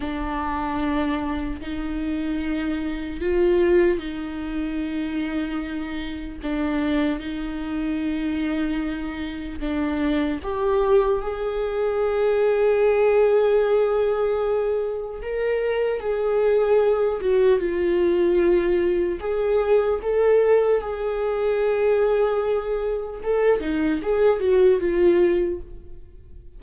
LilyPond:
\new Staff \with { instrumentName = "viola" } { \time 4/4 \tempo 4 = 75 d'2 dis'2 | f'4 dis'2. | d'4 dis'2. | d'4 g'4 gis'2~ |
gis'2. ais'4 | gis'4. fis'8 f'2 | gis'4 a'4 gis'2~ | gis'4 a'8 dis'8 gis'8 fis'8 f'4 | }